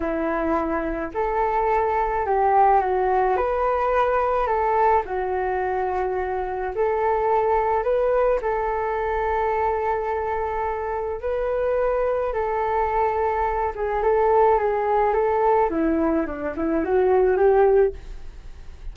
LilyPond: \new Staff \with { instrumentName = "flute" } { \time 4/4 \tempo 4 = 107 e'2 a'2 | g'4 fis'4 b'2 | a'4 fis'2. | a'2 b'4 a'4~ |
a'1 | b'2 a'2~ | a'8 gis'8 a'4 gis'4 a'4 | e'4 d'8 e'8 fis'4 g'4 | }